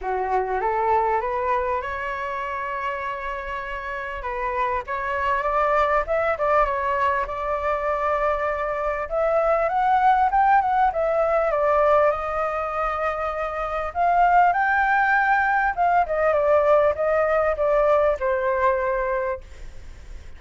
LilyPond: \new Staff \with { instrumentName = "flute" } { \time 4/4 \tempo 4 = 99 fis'4 a'4 b'4 cis''4~ | cis''2. b'4 | cis''4 d''4 e''8 d''8 cis''4 | d''2. e''4 |
fis''4 g''8 fis''8 e''4 d''4 | dis''2. f''4 | g''2 f''8 dis''8 d''4 | dis''4 d''4 c''2 | }